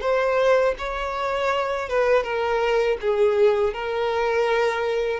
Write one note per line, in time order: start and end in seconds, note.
0.00 0.74 C5
0.78 1.89 C#5
1.89 2.23 B4
2.23 2.97 A#4
3.01 3.73 G#4
3.73 5.19 A#4